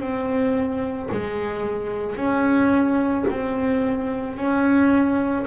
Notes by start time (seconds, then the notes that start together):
0.00 C4
1.12 G#3
2.16 C#4
3.30 C4
4.37 C#4